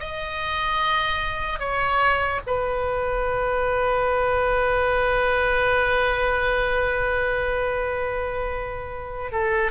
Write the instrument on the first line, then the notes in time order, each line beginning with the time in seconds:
oboe
0.00 D#5
1.60 C#5
2.47 B4
9.32 A4